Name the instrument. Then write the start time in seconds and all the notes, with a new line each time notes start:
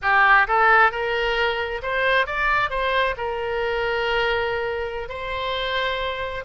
oboe
0.01 G4
0.47 A4
0.91 A#4
1.82 C5
2.26 D5
2.69 C5
3.17 A#4
5.09 C5